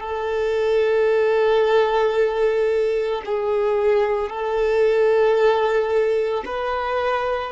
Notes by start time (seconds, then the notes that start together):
0.00 A4
3.25 G#4
4.30 A4
6.45 B4